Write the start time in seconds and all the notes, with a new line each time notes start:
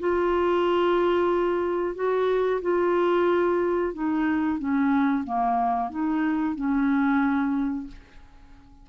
0.00 F4
1.95 F#4
2.62 F4
3.94 D#4
4.59 C#4
5.24 A#3
5.91 D#4
6.56 C#4